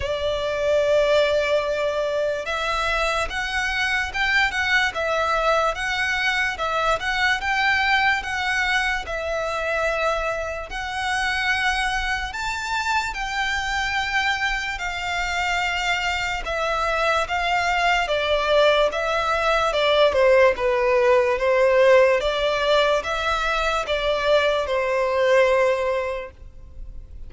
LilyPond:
\new Staff \with { instrumentName = "violin" } { \time 4/4 \tempo 4 = 73 d''2. e''4 | fis''4 g''8 fis''8 e''4 fis''4 | e''8 fis''8 g''4 fis''4 e''4~ | e''4 fis''2 a''4 |
g''2 f''2 | e''4 f''4 d''4 e''4 | d''8 c''8 b'4 c''4 d''4 | e''4 d''4 c''2 | }